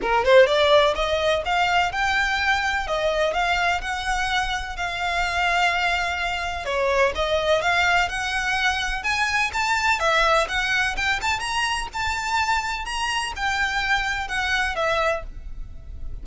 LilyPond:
\new Staff \with { instrumentName = "violin" } { \time 4/4 \tempo 4 = 126 ais'8 c''8 d''4 dis''4 f''4 | g''2 dis''4 f''4 | fis''2 f''2~ | f''2 cis''4 dis''4 |
f''4 fis''2 gis''4 | a''4 e''4 fis''4 g''8 a''8 | ais''4 a''2 ais''4 | g''2 fis''4 e''4 | }